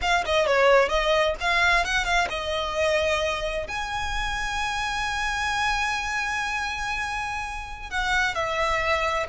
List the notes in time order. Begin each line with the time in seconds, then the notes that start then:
0.01 F5
0.25 D#5
0.46 C#5
0.88 D#5
1.40 F5
1.84 F#5
2.04 F5
2.29 D#5
3.67 G#5
7.90 F#5
8.34 E5